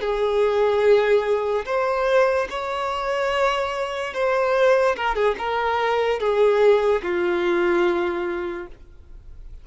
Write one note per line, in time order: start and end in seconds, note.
0.00 1.64 G#4
1.65 2.47 C5
2.50 4.13 C#5
4.13 4.95 C5
4.96 5.15 A#4
5.15 5.35 G#4
5.38 6.19 A#4
6.19 7.02 G#4
7.02 8.67 F4